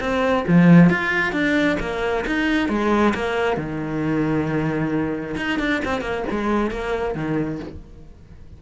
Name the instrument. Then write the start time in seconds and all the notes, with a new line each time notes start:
cello
0.00 C4
0.47 F3
0.90 F4
1.32 D4
1.80 A#3
2.26 D#4
2.69 G#3
3.14 A#3
3.57 D#3
5.37 D#4
5.59 D4
5.85 C4
6.01 A#3
6.31 G#3
6.71 A#3
7.15 D#3